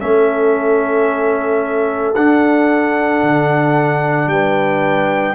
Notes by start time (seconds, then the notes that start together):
0.00 A3 C#4 A4 E5
2.15 D4 F#5
3.22 D3
4.27 G3 B4 G5